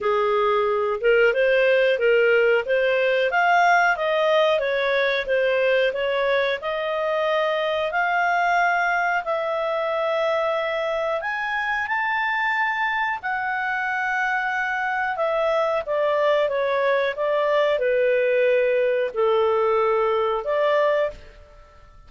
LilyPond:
\new Staff \with { instrumentName = "clarinet" } { \time 4/4 \tempo 4 = 91 gis'4. ais'8 c''4 ais'4 | c''4 f''4 dis''4 cis''4 | c''4 cis''4 dis''2 | f''2 e''2~ |
e''4 gis''4 a''2 | fis''2. e''4 | d''4 cis''4 d''4 b'4~ | b'4 a'2 d''4 | }